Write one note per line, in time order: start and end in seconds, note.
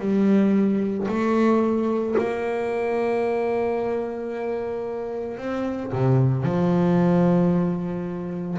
0.00 1.07 G3
1.08 2.15 A3
2.18 5.38 A#3
5.38 5.92 C4
5.93 6.44 C3
6.44 8.58 F3